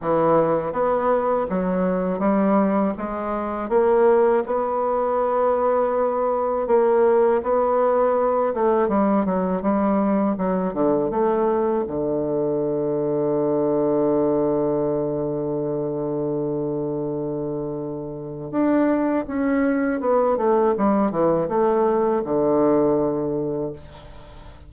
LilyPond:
\new Staff \with { instrumentName = "bassoon" } { \time 4/4 \tempo 4 = 81 e4 b4 fis4 g4 | gis4 ais4 b2~ | b4 ais4 b4. a8 | g8 fis8 g4 fis8 d8 a4 |
d1~ | d1~ | d4 d'4 cis'4 b8 a8 | g8 e8 a4 d2 | }